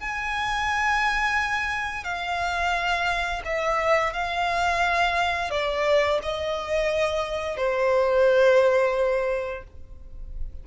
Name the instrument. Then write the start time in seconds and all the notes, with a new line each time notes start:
violin
0.00 G#5
2.04 F5
3.45 E5
4.13 F5
5.50 D5
6.23 D#5
7.57 C5